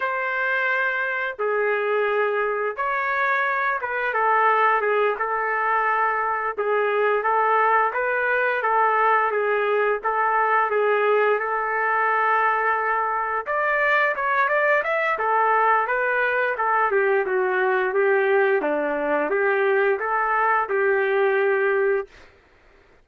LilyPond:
\new Staff \with { instrumentName = "trumpet" } { \time 4/4 \tempo 4 = 87 c''2 gis'2 | cis''4. b'8 a'4 gis'8 a'8~ | a'4. gis'4 a'4 b'8~ | b'8 a'4 gis'4 a'4 gis'8~ |
gis'8 a'2. d''8~ | d''8 cis''8 d''8 e''8 a'4 b'4 | a'8 g'8 fis'4 g'4 d'4 | g'4 a'4 g'2 | }